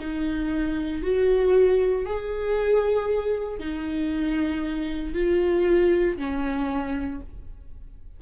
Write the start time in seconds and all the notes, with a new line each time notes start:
0.00 D#4
1.03 F#4
2.06 G#4
3.60 D#4
5.14 F4
6.18 C#4